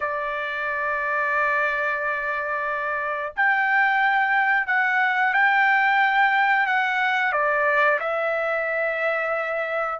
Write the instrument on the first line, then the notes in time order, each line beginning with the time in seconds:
trumpet
0.00 D5
3.35 G5
4.66 F#5
5.33 G5
6.66 F#5
7.32 D5
8.00 E5